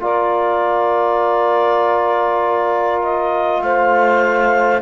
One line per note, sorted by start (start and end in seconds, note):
0.00 3.62 A#3
0.00 4.80 F4
0.00 3.62 A#4
0.00 3.02 D5
3.02 3.62 D#5
3.62 4.82 A3
3.62 4.82 C5
3.62 4.82 F5